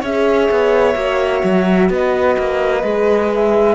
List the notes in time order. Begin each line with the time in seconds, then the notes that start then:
0.00 C#4 G#4 C#5 E5
0.51 B3
0.95 A#3 F#4
1.43 F#3
1.89 B3 B4 D#5
2.38 A#3
2.83 G#3 G#4
3.34 E5